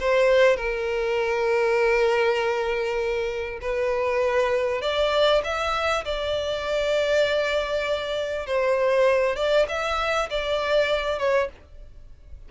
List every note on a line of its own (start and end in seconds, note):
0.00 0.56 C5
0.56 3.59 A#4
3.61 4.82 B4
4.82 5.42 D5
5.44 6.05 E5
6.05 8.47 D5
8.47 9.36 C5
9.36 9.66 D5
9.69 10.29 E5
10.30 11.19 D5
11.19 11.49 C#5